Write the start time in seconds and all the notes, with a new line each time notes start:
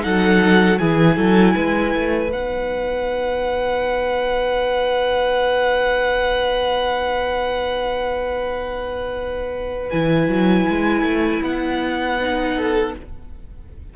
0.00 F#3 D#4 A4 F#5
0.79 E3 E4 G#4 G#5
1.16 F#3 A4
1.56 G#3 B4
1.95 A3
2.29 B3 D#4 F#5
9.90 E3 E4 G#5
10.28 F#3
10.69 G#3
11.02 A3
11.43 B3 F#5
12.20 D#4
12.56 A4